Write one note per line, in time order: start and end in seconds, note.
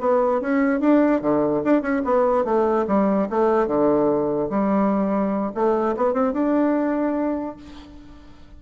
0.00 0.41 B3
0.41 0.80 C#4
0.80 1.21 D4
1.21 1.63 D3
1.64 1.82 D4
1.82 2.02 C#4
2.05 2.45 B3
2.45 2.86 A3
2.87 3.28 G3
3.30 3.67 A3
3.67 4.49 D3
4.50 5.52 G3
5.54 5.96 A3
5.97 6.13 B3
6.13 6.33 C4
6.33 7.56 D4